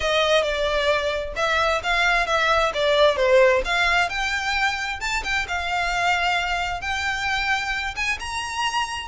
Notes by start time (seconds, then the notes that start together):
0.00 D#5
0.42 D5
1.36 E5
1.83 F5
2.26 E5
2.74 D5
3.16 C5
3.64 F5
4.09 G5
5.00 A5
5.23 G5
5.48 F5
6.81 G5
7.95 G#5
8.19 A#5